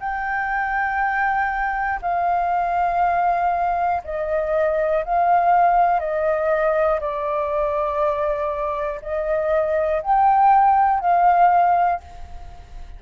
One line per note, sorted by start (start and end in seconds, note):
0.00 2.00 G5
2.01 4.01 F5
4.04 5.04 D#5
5.05 6.00 F5
6.00 7.00 D#5
7.00 9.00 D5
9.01 10.01 D#5
10.02 11.00 G5
11.00 12.00 F5